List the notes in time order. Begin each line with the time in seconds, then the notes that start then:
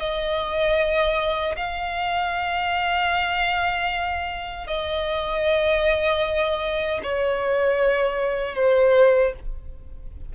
0.00 D#5
1.57 F5
4.68 D#5
7.04 C#5
8.56 C5